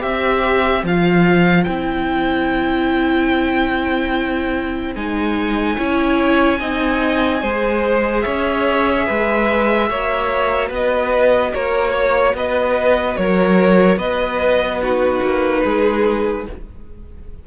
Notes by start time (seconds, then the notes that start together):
0.00 C4 G4 C5 E5
0.84 F3 F4 F5
1.64 C4 E4 G5
4.95 G#3 D#4 G#5
5.77 C#4 E4 C#5
6.60 C4 D#4 D#5
7.41 G#3 G#4 C5
8.21 C#4 C#5 E5
9.06 G#3 B4
9.89 A#3 F#4 C#5
10.68 B3 B4 D#5
11.54 A#3 A#4 C#5
11.91 C#5
12.34 B3 B4 D#5
13.16 F#3 A#4 C#5
13.97 B3 B4 D#5
14.82 D#4 F#4 B4
15.22 A#3
15.64 G#3 G#4